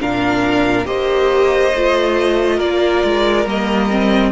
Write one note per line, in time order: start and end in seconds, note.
0.00 0.86 A#2
0.00 0.85 D4
0.00 0.86 A#4
0.00 0.86 F5
0.85 1.73 A#3
0.85 1.72 G4
0.85 2.56 C5
0.85 2.59 D#5
1.74 2.60 A3
1.74 3.46 F4
2.56 3.03 A#3
2.56 4.30 A#4
2.56 3.46 D5
3.04 3.45 G#3
3.45 4.31 G3
3.45 3.90 A#3
3.45 4.31 D#5
3.90 4.31 C4